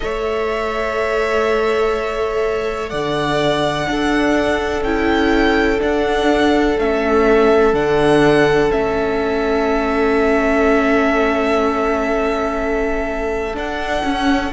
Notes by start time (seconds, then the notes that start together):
0.00 A3 A4 C#5 E5
2.89 D3 D5 F#5
3.87 D4 A4
4.82 C#4 E4 G5
5.78 D4 F#5
6.78 A3 C#4 E5
7.73 D3 D4 F#5
8.69 A3 C#4 E5
13.54 D4 F#5
14.03 C#4